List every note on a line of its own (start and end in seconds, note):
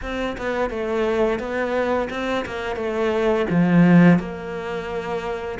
0.02 0.36 C4
0.37 0.69 B3
0.69 1.39 A3
1.39 2.08 B3
2.10 2.45 C4
2.45 2.76 A#3
2.76 3.45 A3
3.50 4.19 F3
4.19 5.58 A#3